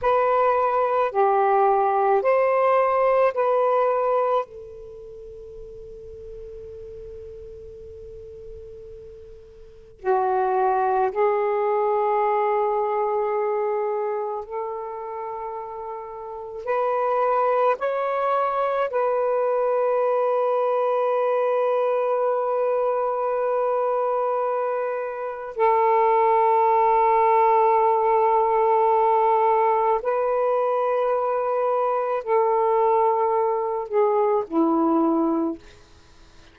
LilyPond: \new Staff \with { instrumentName = "saxophone" } { \time 4/4 \tempo 4 = 54 b'4 g'4 c''4 b'4 | a'1~ | a'4 fis'4 gis'2~ | gis'4 a'2 b'4 |
cis''4 b'2.~ | b'2. a'4~ | a'2. b'4~ | b'4 a'4. gis'8 e'4 | }